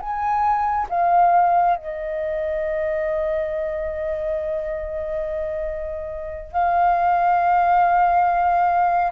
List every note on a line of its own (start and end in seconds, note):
0.00 0.87 G#5
0.89 1.76 F5
1.76 6.52 D#5
6.52 9.11 F5